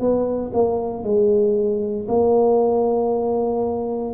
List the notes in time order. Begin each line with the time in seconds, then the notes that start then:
0.00 B3
0.54 A#3
1.04 G#3
2.09 A#3